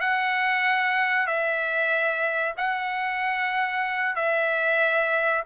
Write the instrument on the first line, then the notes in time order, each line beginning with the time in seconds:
trumpet
0.00 F#5
1.26 E5
2.57 F#5
4.15 E5